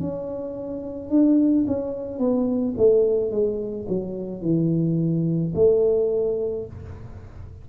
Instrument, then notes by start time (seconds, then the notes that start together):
tuba
0.00 C#4
1.10 D4
1.67 C#4
2.19 B3
2.77 A3
3.31 G#3
3.88 F#3
4.42 E3
5.55 A3